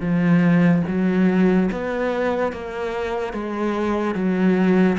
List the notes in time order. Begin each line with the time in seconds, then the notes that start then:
0.00 F3
0.87 F#3
1.71 B3
2.52 A#3
3.33 G#3
4.14 F#3